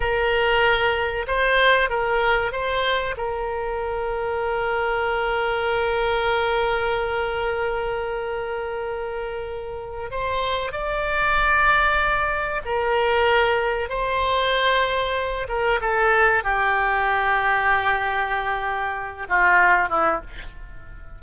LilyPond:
\new Staff \with { instrumentName = "oboe" } { \time 4/4 \tempo 4 = 95 ais'2 c''4 ais'4 | c''4 ais'2.~ | ais'1~ | ais'1 |
c''4 d''2. | ais'2 c''2~ | c''8 ais'8 a'4 g'2~ | g'2~ g'8 f'4 e'8 | }